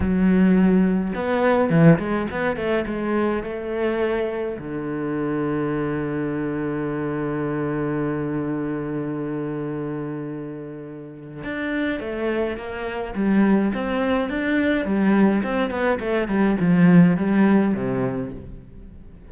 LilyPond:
\new Staff \with { instrumentName = "cello" } { \time 4/4 \tempo 4 = 105 fis2 b4 e8 gis8 | b8 a8 gis4 a2 | d1~ | d1~ |
d1 | d'4 a4 ais4 g4 | c'4 d'4 g4 c'8 b8 | a8 g8 f4 g4 c4 | }